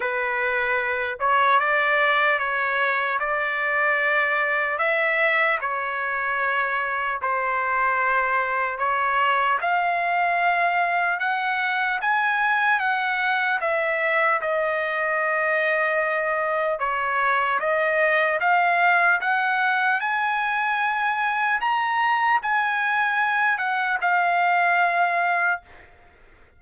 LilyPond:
\new Staff \with { instrumentName = "trumpet" } { \time 4/4 \tempo 4 = 75 b'4. cis''8 d''4 cis''4 | d''2 e''4 cis''4~ | cis''4 c''2 cis''4 | f''2 fis''4 gis''4 |
fis''4 e''4 dis''2~ | dis''4 cis''4 dis''4 f''4 | fis''4 gis''2 ais''4 | gis''4. fis''8 f''2 | }